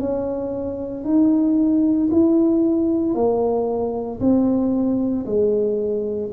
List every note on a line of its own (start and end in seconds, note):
0.00 1.04 C#4
1.04 2.10 D#4
2.11 3.15 E4
3.15 4.20 A#3
4.21 5.26 C4
5.26 6.31 G#3